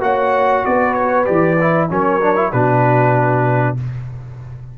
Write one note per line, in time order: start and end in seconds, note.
0.00 0.63 A#3
0.00 1.25 F#4
0.00 0.64 C#5
0.00 0.65 F#5
0.64 1.28 B3
0.64 1.89 B4
0.64 0.93 D5
0.93 1.25 C#5
1.25 1.90 E3
1.25 1.56 G4
1.25 1.88 D5
1.60 1.89 E4
1.89 2.53 F#3
1.89 2.20 C#4
1.89 2.52 A#4
1.89 2.52 C#5
2.21 2.36 D4
2.36 2.51 E4
2.52 3.78 B2
2.52 3.77 D4
2.52 3.77 F#4
2.52 3.77 B4